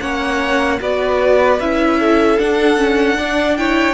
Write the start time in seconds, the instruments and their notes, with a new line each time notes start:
0.00 cello A#3, viola C#4, violin C#5 F#5
0.80 cello B3, viola F#4, violin B4 D5
1.60 cello C#4, viola E4, violin E5
1.99 violin A4
2.38 viola D4, cello D4, violin F#5
2.77 viola C#4
3.18 viola D4, violin D5
3.57 viola E4, violin C#5 G5